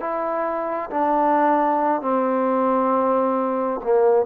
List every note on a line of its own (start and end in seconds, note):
0.00 0.90 E4
0.90 2.01 D4
2.01 3.80 C4
3.83 4.25 A#3